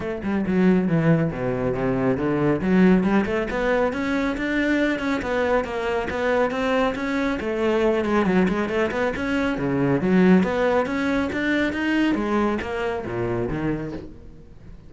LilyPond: \new Staff \with { instrumentName = "cello" } { \time 4/4 \tempo 4 = 138 a8 g8 fis4 e4 b,4 | c4 d4 fis4 g8 a8 | b4 cis'4 d'4. cis'8 | b4 ais4 b4 c'4 |
cis'4 a4. gis8 fis8 gis8 | a8 b8 cis'4 cis4 fis4 | b4 cis'4 d'4 dis'4 | gis4 ais4 ais,4 dis4 | }